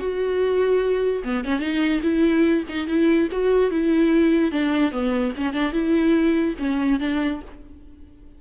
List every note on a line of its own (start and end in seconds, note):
0.00 1.23 F#4
1.24 1.45 B3
1.45 1.60 C#4
1.60 2.01 D#4
2.02 2.64 E4
2.69 2.88 D#4
2.88 3.29 E4
3.32 3.71 F#4
3.71 4.52 E4
4.52 4.92 D4
4.92 5.33 B3
5.37 5.54 C#4
5.54 5.73 D4
5.73 6.55 E4
6.59 7.00 C#4
7.00 7.41 D4